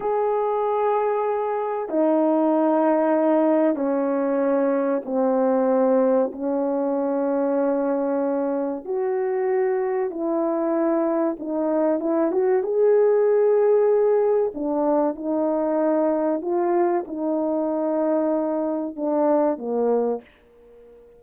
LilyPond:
\new Staff \with { instrumentName = "horn" } { \time 4/4 \tempo 4 = 95 gis'2. dis'4~ | dis'2 cis'2 | c'2 cis'2~ | cis'2 fis'2 |
e'2 dis'4 e'8 fis'8 | gis'2. d'4 | dis'2 f'4 dis'4~ | dis'2 d'4 ais4 | }